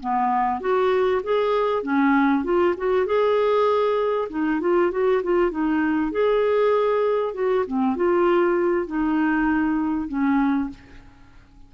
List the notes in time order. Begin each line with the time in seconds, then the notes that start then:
0.00 B3
0.60 F#4
1.23 G#4
1.83 C#4
2.44 F4
2.77 F#4
3.06 G#4
4.30 D#4
4.61 F4
4.91 F#4
5.23 F4
5.51 D#4
6.12 G#4
7.34 F#4
7.67 C4
7.96 F4
8.87 D#4
10.08 C#4